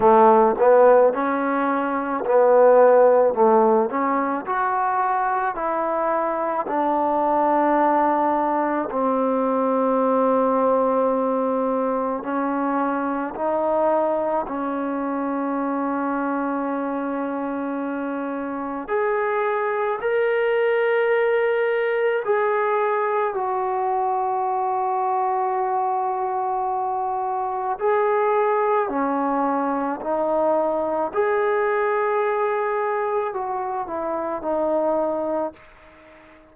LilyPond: \new Staff \with { instrumentName = "trombone" } { \time 4/4 \tempo 4 = 54 a8 b8 cis'4 b4 a8 cis'8 | fis'4 e'4 d'2 | c'2. cis'4 | dis'4 cis'2.~ |
cis'4 gis'4 ais'2 | gis'4 fis'2.~ | fis'4 gis'4 cis'4 dis'4 | gis'2 fis'8 e'8 dis'4 | }